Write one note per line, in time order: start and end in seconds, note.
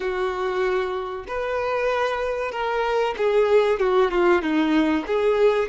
0.00 1.25 F#4
1.27 2.51 B4
2.51 3.14 A#4
3.17 3.79 G#4
3.79 4.11 F#4
4.11 4.42 F4
4.42 5.05 D#4
5.06 5.68 G#4